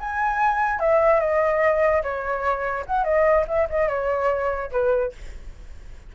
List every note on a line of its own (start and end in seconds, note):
0.00 0.80 G#5
0.80 1.20 E5
1.20 2.02 D#5
2.03 2.85 C#5
2.87 3.04 F#5
3.04 3.45 D#5
3.47 3.68 E5
3.70 3.89 D#5
3.89 4.71 C#5
4.71 5.13 B4